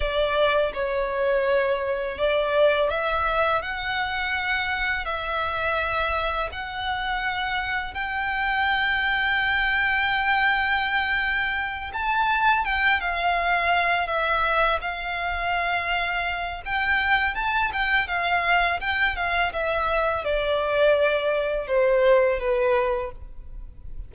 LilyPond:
\new Staff \with { instrumentName = "violin" } { \time 4/4 \tempo 4 = 83 d''4 cis''2 d''4 | e''4 fis''2 e''4~ | e''4 fis''2 g''4~ | g''1~ |
g''8 a''4 g''8 f''4. e''8~ | e''8 f''2~ f''8 g''4 | a''8 g''8 f''4 g''8 f''8 e''4 | d''2 c''4 b'4 | }